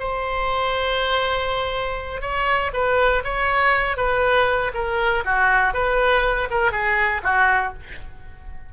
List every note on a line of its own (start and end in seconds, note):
0.00 2.22 C5
2.22 2.72 C#5
2.74 3.24 B4
3.24 3.97 C#5
3.97 4.72 B4
4.74 5.24 A#4
5.25 5.74 F#4
5.74 6.49 B4
6.51 6.72 A#4
6.72 7.22 G#4
7.23 7.73 F#4